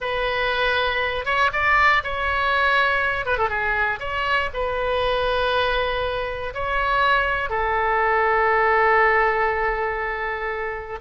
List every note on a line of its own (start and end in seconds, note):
0.00 1.25 B4
1.25 1.50 C#5
1.52 2.02 D5
2.03 3.25 C#5
3.25 3.38 B4
3.38 3.49 A4
3.49 3.99 G#4
3.99 4.49 C#5
4.53 6.53 B4
6.54 7.49 C#5
7.49 10.99 A4